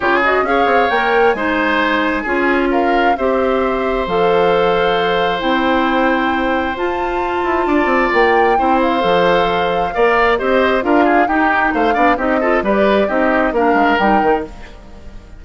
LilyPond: <<
  \new Staff \with { instrumentName = "flute" } { \time 4/4 \tempo 4 = 133 cis''8 dis''8 f''4 g''4 gis''4~ | gis''2 f''4 e''4~ | e''4 f''2. | g''2. a''4~ |
a''2 g''4. f''8~ | f''2. dis''4 | f''4 g''4 f''4 dis''4 | d''4 dis''4 f''4 g''4 | }
  \new Staff \with { instrumentName = "oboe" } { \time 4/4 gis'4 cis''2 c''4~ | c''4 gis'4 ais'4 c''4~ | c''1~ | c''1~ |
c''4 d''2 c''4~ | c''2 d''4 c''4 | ais'8 gis'8 g'4 c''8 d''8 g'8 a'8 | b'4 g'4 ais'2 | }
  \new Staff \with { instrumentName = "clarinet" } { \time 4/4 f'8 fis'8 gis'4 ais'4 dis'4~ | dis'4 f'2 g'4~ | g'4 a'2. | e'2. f'4~ |
f'2. e'4 | a'2 ais'4 g'4 | f'4 dis'4. d'8 dis'8 f'8 | g'4 dis'4 d'4 dis'4 | }
  \new Staff \with { instrumentName = "bassoon" } { \time 4/4 cis4 cis'8 c'8 ais4 gis4~ | gis4 cis'2 c'4~ | c'4 f2. | c'2. f'4~ |
f'8 e'8 d'8 c'8 ais4 c'4 | f2 ais4 c'4 | d'4 dis'4 a8 b8 c'4 | g4 c'4 ais8 gis8 g8 dis8 | }
>>